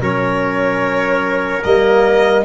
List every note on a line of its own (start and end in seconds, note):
0.00 1.63 F#3
0.00 1.62 C#4
0.00 2.44 A#4
0.00 1.63 C#5
1.63 2.44 G3
1.63 2.44 A#3
1.63 2.44 D#5